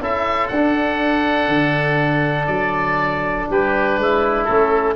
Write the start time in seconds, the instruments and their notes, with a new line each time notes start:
0.00 tuba C#4, trombone E4, oboe A4 E5
0.48 tuba D4, oboe F#5
0.55 trombone D4
1.48 tuba D3
2.47 tuba F#3, oboe D5
3.50 tuba G3, oboe G4 B4
3.98 tuba G#3, oboe E4
4.45 tuba A3, trombone C#4, oboe A4